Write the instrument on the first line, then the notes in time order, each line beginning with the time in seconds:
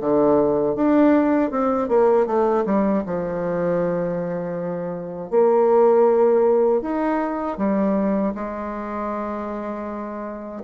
bassoon
0.00 D3
0.75 D4
1.50 C4
1.88 A#3
2.26 A3
2.65 G3
3.06 F3
5.30 A#3
6.81 D#4
7.57 G3
8.34 G#3